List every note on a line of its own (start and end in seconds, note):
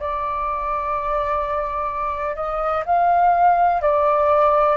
0.00 2.36 D5
2.36 2.84 D#5
2.86 3.82 F5
3.82 4.77 D5